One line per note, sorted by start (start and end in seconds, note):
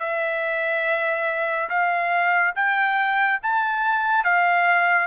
0.00 1.69 E5
1.70 2.54 F5
2.55 3.40 G5
3.43 4.24 A5
4.24 5.07 F5